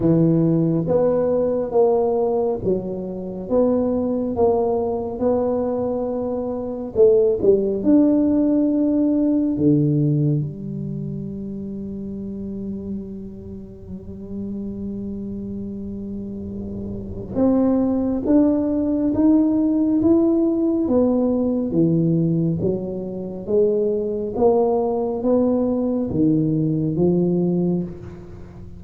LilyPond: \new Staff \with { instrumentName = "tuba" } { \time 4/4 \tempo 4 = 69 e4 b4 ais4 fis4 | b4 ais4 b2 | a8 g8 d'2 d4 | g1~ |
g1 | c'4 d'4 dis'4 e'4 | b4 e4 fis4 gis4 | ais4 b4 dis4 f4 | }